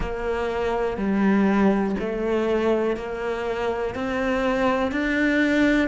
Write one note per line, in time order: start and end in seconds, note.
0.00 0.97 A#3
0.97 1.95 G3
1.99 2.96 A3
2.96 3.94 A#3
3.94 4.91 C4
4.91 5.88 D4